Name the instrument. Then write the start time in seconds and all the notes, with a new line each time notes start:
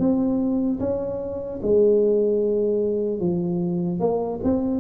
tuba
0.00 C4
0.80 C#4
1.63 G#3
3.20 F3
4.00 A#3
4.44 C4